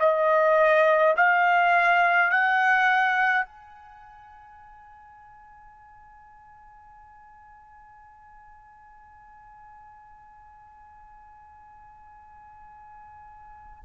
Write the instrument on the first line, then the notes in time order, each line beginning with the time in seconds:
trumpet
0.00 D#5
1.17 F5
2.31 F#5
3.46 G#5